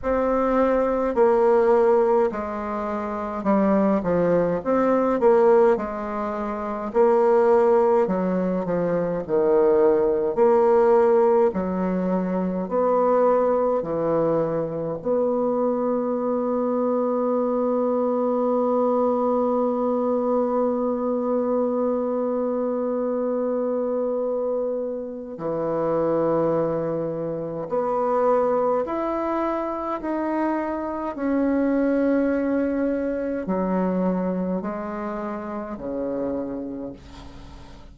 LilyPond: \new Staff \with { instrumentName = "bassoon" } { \time 4/4 \tempo 4 = 52 c'4 ais4 gis4 g8 f8 | c'8 ais8 gis4 ais4 fis8 f8 | dis4 ais4 fis4 b4 | e4 b2.~ |
b1~ | b2 e2 | b4 e'4 dis'4 cis'4~ | cis'4 fis4 gis4 cis4 | }